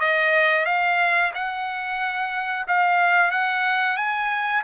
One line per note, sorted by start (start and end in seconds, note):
0.00 0.66 D#5
0.66 1.32 F5
1.35 2.66 F#5
2.68 3.31 F5
3.31 3.97 F#5
3.97 4.63 G#5